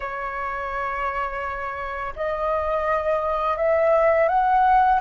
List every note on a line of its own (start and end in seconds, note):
0.00 2.13 C#5
2.16 3.57 D#5
3.57 4.28 E5
4.28 5.00 F#5